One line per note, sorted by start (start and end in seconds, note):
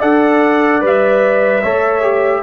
0.00 0.82 D4
0.00 0.81 A4
0.00 1.62 D5
0.00 0.83 F#5
0.81 1.63 G3
0.81 1.62 B4
0.81 2.43 E5
1.63 2.43 A3
1.63 2.02 A4
1.63 2.43 C#5
2.02 2.42 G4